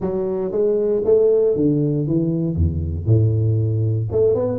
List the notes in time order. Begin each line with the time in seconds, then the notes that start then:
0.00 F#3
0.51 G#3
1.04 A3
1.55 D3
2.07 E3
2.55 E2
3.05 A2
4.11 A3
4.34 B3